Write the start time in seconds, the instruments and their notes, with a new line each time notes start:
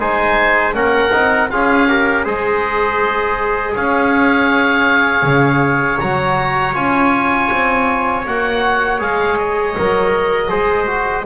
0.00 double bass G#3, trombone D#4, trumpet C5, oboe G#5
0.74 double bass A#3, trombone C#4, trumpet A#4, oboe F#5
1.13 double bass C4, trombone D#4
1.51 double bass C#4, trombone F4, trumpet G#4, oboe F5
1.89 trombone G4, trumpet A#4
2.25 double bass G#3, trombone G#4, trumpet C5, oboe D#5
3.75 double bass C#4, trumpet C#5, oboe F5
5.23 double bass C#3
6.00 double bass F#3, trombone F#4, oboe A#5
6.75 double bass C#4, trombone F4, oboe G#5
7.52 double bass C4
8.27 double bass A#3, trombone F#4, oboe F#5
9.00 double bass G#3, trombone G#4, oboe F5
9.38 oboe D#5
9.78 double bass F#3, trombone A#4
10.48 double bass G#3, trombone G#4, trumpet C5
10.87 trombone F#4